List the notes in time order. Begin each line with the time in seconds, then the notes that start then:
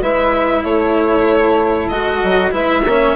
0.00 G#3 E4 B4 E5
0.63 A3 A4 C#5
1.89 G#3 F#4 D#5
2.23 F#3
2.51 G#3 E4 B4 E5
2.85 A#3 C#4 C#5